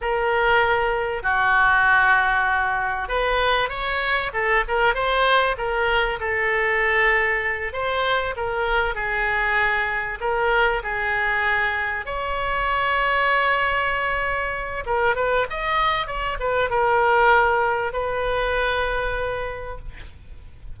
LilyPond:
\new Staff \with { instrumentName = "oboe" } { \time 4/4 \tempo 4 = 97 ais'2 fis'2~ | fis'4 b'4 cis''4 a'8 ais'8 | c''4 ais'4 a'2~ | a'8 c''4 ais'4 gis'4.~ |
gis'8 ais'4 gis'2 cis''8~ | cis''1 | ais'8 b'8 dis''4 cis''8 b'8 ais'4~ | ais'4 b'2. | }